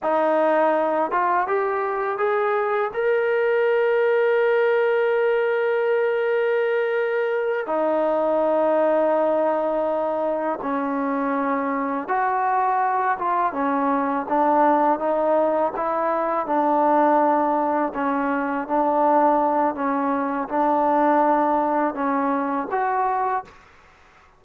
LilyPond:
\new Staff \with { instrumentName = "trombone" } { \time 4/4 \tempo 4 = 82 dis'4. f'8 g'4 gis'4 | ais'1~ | ais'2~ ais'8 dis'4.~ | dis'2~ dis'8 cis'4.~ |
cis'8 fis'4. f'8 cis'4 d'8~ | d'8 dis'4 e'4 d'4.~ | d'8 cis'4 d'4. cis'4 | d'2 cis'4 fis'4 | }